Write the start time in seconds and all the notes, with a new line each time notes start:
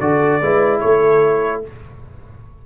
0.00 D3 F#4 A4 D5
0.42 G#3 E4 B4
0.80 A3 A4 C#5